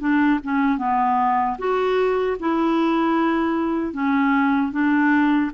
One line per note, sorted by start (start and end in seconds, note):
0.00 0.39 D4
0.43 0.78 C#4
0.78 1.57 B3
1.59 2.38 F#4
2.40 3.93 E4
3.93 4.72 C#4
4.72 5.51 D4